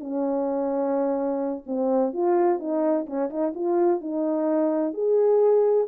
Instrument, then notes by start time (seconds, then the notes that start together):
horn
0.00 C#4
1.66 C4
2.13 F4
2.59 D#4
3.06 C#4
3.30 D#4
3.55 F4
4.01 D#4
4.94 G#4